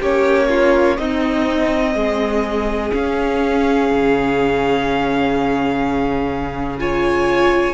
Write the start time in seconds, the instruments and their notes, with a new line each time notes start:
0.00 cello A#3, viola C#4, violin G4 C#5
0.49 violin F4
0.97 cello C4, viola C4, violin D#4 D#5
1.95 cello G#3, violin G#4
2.92 viola C#4, cello C#4, violin F5
3.91 cello C#3
6.79 viola F4, violin C#5 G#5